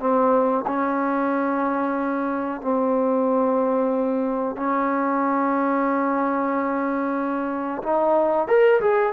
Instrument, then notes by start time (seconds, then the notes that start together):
trombone
0.00 C4
0.67 C#4
2.62 C4
4.57 C#4
7.83 D#4
8.48 A#4
8.81 G#4